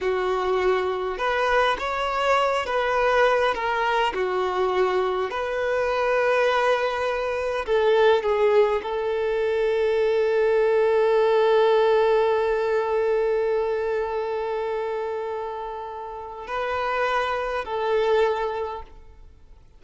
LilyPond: \new Staff \with { instrumentName = "violin" } { \time 4/4 \tempo 4 = 102 fis'2 b'4 cis''4~ | cis''8 b'4. ais'4 fis'4~ | fis'4 b'2.~ | b'4 a'4 gis'4 a'4~ |
a'1~ | a'1~ | a'1 | b'2 a'2 | }